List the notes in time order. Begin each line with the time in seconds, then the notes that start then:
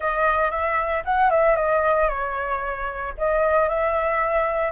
0.00 D#5
0.50 E5
1.05 F#5
1.30 E5
1.56 D#5
2.08 C#5
3.17 D#5
3.68 E5